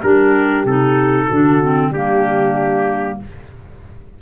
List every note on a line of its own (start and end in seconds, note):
0.00 0.65 G3
0.00 0.66 D4
0.00 1.26 G4
0.00 0.66 A#4
0.65 1.28 C3
0.65 1.30 D#4
0.65 1.92 A4
1.26 1.90 D3
1.26 1.61 D4
1.26 1.89 F#4
1.61 1.92 C4
1.90 3.16 G3
1.90 3.21 A#3
1.90 3.19 D4
1.90 3.19 G4